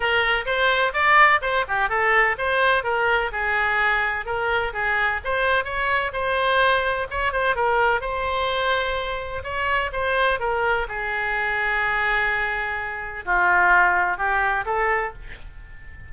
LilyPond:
\new Staff \with { instrumentName = "oboe" } { \time 4/4 \tempo 4 = 127 ais'4 c''4 d''4 c''8 g'8 | a'4 c''4 ais'4 gis'4~ | gis'4 ais'4 gis'4 c''4 | cis''4 c''2 cis''8 c''8 |
ais'4 c''2. | cis''4 c''4 ais'4 gis'4~ | gis'1 | f'2 g'4 a'4 | }